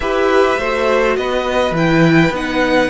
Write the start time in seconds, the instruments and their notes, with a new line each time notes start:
0.00 cello E4, viola G4, violin B4 E5
0.58 cello A3, viola F#4, violin C5
1.16 cello B3, violin B4 D#5
1.71 cello E3, viola E4, violin G5
2.30 cello B3, viola D#4, violin F#5